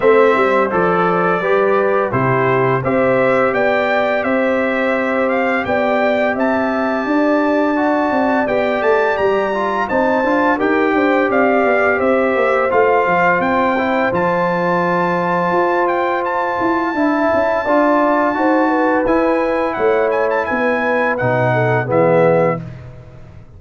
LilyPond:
<<
  \new Staff \with { instrumentName = "trumpet" } { \time 4/4 \tempo 4 = 85 e''4 d''2 c''4 | e''4 g''4 e''4. f''8 | g''4 a''2. | g''8 a''8 ais''4 a''4 g''4 |
f''4 e''4 f''4 g''4 | a''2~ a''8 g''8 a''4~ | a''2. gis''4 | fis''8 gis''16 a''16 gis''4 fis''4 e''4 | }
  \new Staff \with { instrumentName = "horn" } { \time 4/4 c''2 b'4 g'4 | c''4 d''4 c''2 | d''4 e''4 d''2~ | d''2 c''4 ais'8 c''8 |
d''4 c''2.~ | c''1 | e''4 d''4 c''8 b'4. | cis''4 b'4. a'8 gis'4 | }
  \new Staff \with { instrumentName = "trombone" } { \time 4/4 c'4 a'4 g'4 e'4 | g'1~ | g'2. fis'4 | g'4. f'8 dis'8 f'8 g'4~ |
g'2 f'4. e'8 | f'1 | e'4 f'4 fis'4 e'4~ | e'2 dis'4 b4 | }
  \new Staff \with { instrumentName = "tuba" } { \time 4/4 a8 g8 f4 g4 c4 | c'4 b4 c'2 | b4 c'4 d'4. c'8 | b8 a8 g4 c'8 d'8 dis'8 d'8 |
c'8 b8 c'8 ais8 a8 f8 c'4 | f2 f'4. e'8 | d'8 cis'8 d'4 dis'4 e'4 | a4 b4 b,4 e4 | }
>>